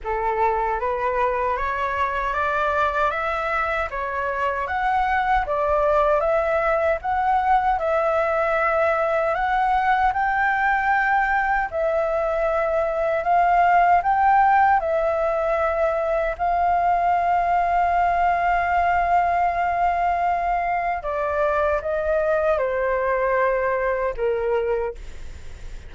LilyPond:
\new Staff \with { instrumentName = "flute" } { \time 4/4 \tempo 4 = 77 a'4 b'4 cis''4 d''4 | e''4 cis''4 fis''4 d''4 | e''4 fis''4 e''2 | fis''4 g''2 e''4~ |
e''4 f''4 g''4 e''4~ | e''4 f''2.~ | f''2. d''4 | dis''4 c''2 ais'4 | }